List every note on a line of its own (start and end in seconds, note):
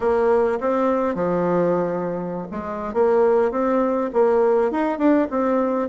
0.00 0.59 A#3
0.60 1.15 C4
1.15 2.47 F3
2.51 2.93 G#3
2.93 3.51 A#3
3.51 4.10 C4
4.13 4.71 A#3
4.71 4.98 D#4
4.98 5.27 D4
5.30 5.88 C4